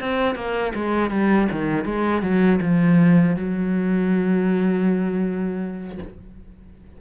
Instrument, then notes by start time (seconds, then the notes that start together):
cello
0.00 C4
0.35 A#3
0.75 G#3
1.11 G3
1.52 D#3
1.85 G#3
2.22 F#3
2.61 F3
3.36 F#3